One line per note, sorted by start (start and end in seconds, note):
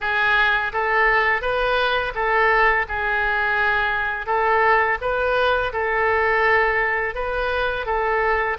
0.01 0.72 G#4
0.72 1.41 A4
1.41 2.12 B4
2.14 2.86 A4
2.88 4.26 G#4
4.26 4.98 A4
5.01 5.72 B4
5.72 7.15 A4
7.15 7.86 B4
7.86 8.57 A4